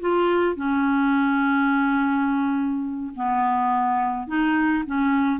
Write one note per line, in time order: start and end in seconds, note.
0.00 0.56 F4
0.56 3.13 C#4
3.15 4.27 B3
4.27 4.84 D#4
4.86 5.40 C#4